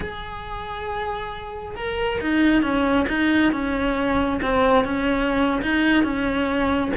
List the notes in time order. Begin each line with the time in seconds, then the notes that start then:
0.00 G#4
1.76 A#4
2.21 D#4
2.62 C#4
3.08 D#4
3.52 C#4
4.42 C4
4.84 C#4
5.62 D#4
6.03 C#4